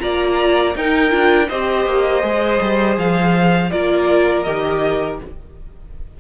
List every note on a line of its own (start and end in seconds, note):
0.00 0.75 A#3
0.00 0.74 F4
0.00 0.77 D5
0.00 0.75 A#5
0.75 1.12 D#4
0.75 1.10 D#4
0.75 1.48 A#4
0.75 1.49 G5
1.10 1.50 D4
1.10 1.47 F4
1.48 1.86 C4
1.48 2.23 G4
1.48 3.70 C5
1.48 2.97 D#5
1.86 2.23 A#3
2.23 2.60 G#3
2.23 3.71 G#4
2.61 2.98 G3
2.98 3.72 F3
2.98 3.71 F5
3.71 4.46 A#3
3.71 4.46 F4
3.71 5.20 A#4
3.71 4.44 D5
4.44 5.21 D#3
4.44 5.20 G4
4.44 5.18 D#5